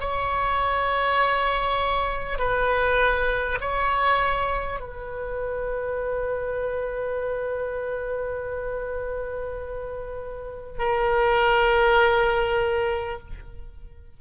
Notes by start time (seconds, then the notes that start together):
0.00 C#5
2.38 B4
3.61 C#5
4.79 B4
10.78 A#4